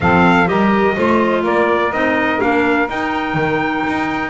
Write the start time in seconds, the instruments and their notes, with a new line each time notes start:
0.00 double bass F3, clarinet C4, saxophone A4, trumpet F5
0.46 double bass G3, clarinet G4, saxophone A#4, trumpet D#5
0.95 double bass A3, clarinet F4, saxophone C5
1.43 double bass A#3, saxophone A#4, trumpet D5
1.91 double bass C4, clarinet D#4, trumpet D#5
2.39 double bass A#3, clarinet D4, trumpet F5
2.89 double bass D#4, clarinet D#4, trumpet G5
3.34 double bass D#3
3.86 double bass D#4